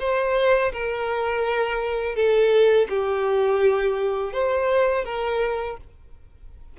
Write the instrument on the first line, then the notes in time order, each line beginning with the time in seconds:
violin
0.00 C5
0.73 A#4
2.16 A4
2.89 G4
4.33 C5
5.05 A#4